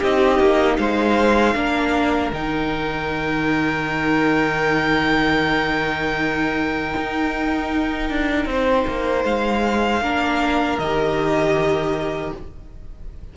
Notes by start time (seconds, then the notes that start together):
0.00 C4 D#4 G4 D#5
0.40 A#3
0.78 G#3 C5 F5
1.55 A#3 D4 A#4
2.33 D#3 D#4 G5
6.97 D#4
8.10 D4
8.46 C4 C5
8.88 A#3
9.24 G#3 F5
10.01 A#3 D4 A#4
10.78 D#3 G4 D#5